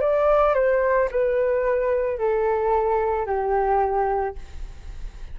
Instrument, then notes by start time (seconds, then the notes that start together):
flute
0.00 D5
0.54 C5
1.11 B4
2.18 A4
3.26 G4